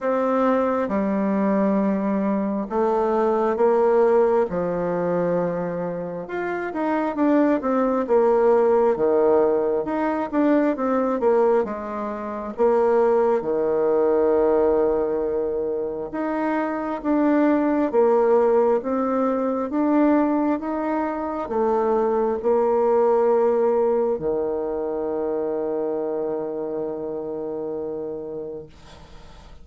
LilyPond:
\new Staff \with { instrumentName = "bassoon" } { \time 4/4 \tempo 4 = 67 c'4 g2 a4 | ais4 f2 f'8 dis'8 | d'8 c'8 ais4 dis4 dis'8 d'8 | c'8 ais8 gis4 ais4 dis4~ |
dis2 dis'4 d'4 | ais4 c'4 d'4 dis'4 | a4 ais2 dis4~ | dis1 | }